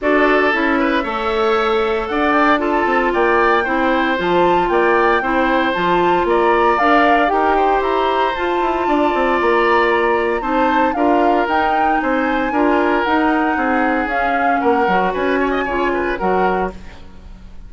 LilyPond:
<<
  \new Staff \with { instrumentName = "flute" } { \time 4/4 \tempo 4 = 115 d''4 e''2. | fis''8 g''8 a''4 g''2 | a''4 g''2 a''4 | ais''4 f''4 g''4 ais''4 |
a''2 ais''2 | a''4 f''4 g''4 gis''4~ | gis''4 fis''2 f''4 | fis''4 gis''2 fis''4 | }
  \new Staff \with { instrumentName = "oboe" } { \time 4/4 a'4. b'8 cis''2 | d''4 a'4 d''4 c''4~ | c''4 d''4 c''2 | d''2 ais'8 c''4.~ |
c''4 d''2. | c''4 ais'2 c''4 | ais'2 gis'2 | ais'4 b'8 cis''16 dis''16 cis''8 b'8 ais'4 | }
  \new Staff \with { instrumentName = "clarinet" } { \time 4/4 fis'4 e'4 a'2~ | a'4 f'2 e'4 | f'2 e'4 f'4~ | f'4 ais'4 g'2 |
f'1 | dis'4 f'4 dis'2 | f'4 dis'2 cis'4~ | cis'8 fis'4. f'4 fis'4 | }
  \new Staff \with { instrumentName = "bassoon" } { \time 4/4 d'4 cis'4 a2 | d'4. c'8 ais4 c'4 | f4 ais4 c'4 f4 | ais4 d'4 dis'4 e'4 |
f'8 e'8 d'8 c'8 ais2 | c'4 d'4 dis'4 c'4 | d'4 dis'4 c'4 cis'4 | ais8 fis8 cis'4 cis4 fis4 | }
>>